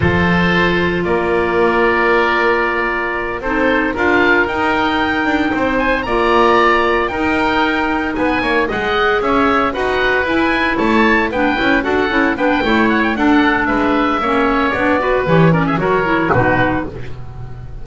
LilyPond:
<<
  \new Staff \with { instrumentName = "oboe" } { \time 4/4 \tempo 4 = 114 c''2 d''2~ | d''2~ d''8 c''4 f''8~ | f''8 g''2~ g''8 gis''8 ais''8~ | ais''4. g''2 gis''8~ |
gis''8 fis''4 e''4 fis''4 gis''8~ | gis''8 a''4 g''4 fis''4 g''8~ | g''8 fis''16 g''16 fis''4 e''2 | d''4 cis''8 d''16 e''16 cis''4 b'4 | }
  \new Staff \with { instrumentName = "oboe" } { \time 4/4 a'2 ais'2~ | ais'2~ ais'8 a'4 ais'8~ | ais'2~ ais'8 c''4 d''8~ | d''4. ais'2 b'8 |
cis''8 dis''4 cis''4 b'4.~ | b'8 cis''4 b'4 a'4 b'8 | cis''4 a'4 b'4 cis''4~ | cis''8 b'4 ais'16 gis'16 ais'4 fis'4 | }
  \new Staff \with { instrumentName = "clarinet" } { \time 4/4 f'1~ | f'2~ f'8 dis'4 f'8~ | f'8 dis'2. f'8~ | f'4. dis'2~ dis'8~ |
dis'8 gis'2 fis'4 e'8~ | e'4. d'8 e'8 fis'8 e'8 d'8 | e'4 d'2 cis'4 | d'8 fis'8 g'8 cis'8 fis'8 e'8 dis'4 | }
  \new Staff \with { instrumentName = "double bass" } { \time 4/4 f2 ais2~ | ais2~ ais8 c'4 d'8~ | d'8 dis'4. d'8 c'4 ais8~ | ais4. dis'2 b8 |
ais8 gis4 cis'4 dis'4 e'8~ | e'8 a4 b8 cis'8 d'8 cis'8 b8 | a4 d'4 gis4 ais4 | b4 e4 fis4 b,4 | }
>>